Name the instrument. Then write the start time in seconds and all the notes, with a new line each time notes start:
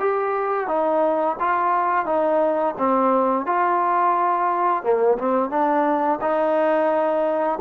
trombone
0.00 G4
0.68 D#4
1.40 F4
2.06 D#4
2.78 C4
3.46 F4
4.83 A#3
5.18 C4
5.50 D4
6.22 D#4